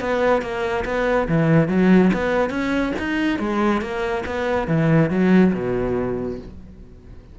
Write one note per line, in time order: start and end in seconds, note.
0.00 0.42 B3
0.42 0.84 A#3
0.85 1.28 B3
1.28 1.68 E3
1.68 2.11 F#3
2.13 2.50 B3
2.50 2.92 C#4
2.99 3.39 D#4
3.39 3.81 G#3
3.81 4.24 A#3
4.26 4.68 B3
4.68 5.10 E3
5.10 5.53 F#3
5.53 6.38 B2